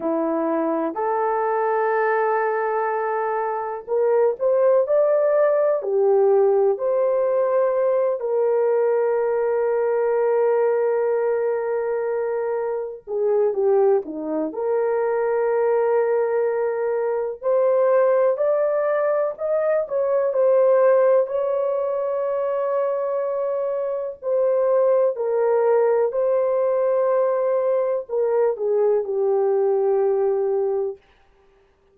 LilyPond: \new Staff \with { instrumentName = "horn" } { \time 4/4 \tempo 4 = 62 e'4 a'2. | ais'8 c''8 d''4 g'4 c''4~ | c''8 ais'2.~ ais'8~ | ais'4. gis'8 g'8 dis'8 ais'4~ |
ais'2 c''4 d''4 | dis''8 cis''8 c''4 cis''2~ | cis''4 c''4 ais'4 c''4~ | c''4 ais'8 gis'8 g'2 | }